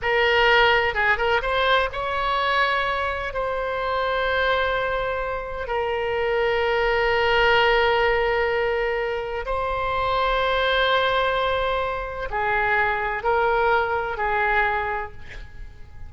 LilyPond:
\new Staff \with { instrumentName = "oboe" } { \time 4/4 \tempo 4 = 127 ais'2 gis'8 ais'8 c''4 | cis''2. c''4~ | c''1 | ais'1~ |
ais'1 | c''1~ | c''2 gis'2 | ais'2 gis'2 | }